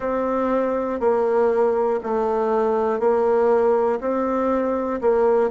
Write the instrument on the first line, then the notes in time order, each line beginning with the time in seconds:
bassoon
0.00 C4
1.00 A#3
2.03 A3
3.00 A#3
4.00 C4
5.01 A#3